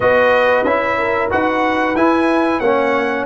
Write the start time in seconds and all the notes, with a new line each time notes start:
0.00 B3 F#4 B4 D#5
0.64 C#4 E4 E5
0.98 A#4
1.30 D#4 F#4 B4 F#5
1.95 E4 G#5
2.60 A#3 C#4 C#5 F#5